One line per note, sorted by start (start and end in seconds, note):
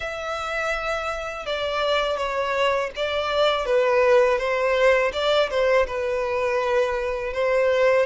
0.00 1.45 E5
1.46 2.17 D5
2.17 2.90 C#5
2.96 3.65 D5
3.65 4.38 B4
4.38 5.11 C5
5.13 5.49 D5
5.49 5.86 C5
5.87 7.33 B4
7.33 8.06 C5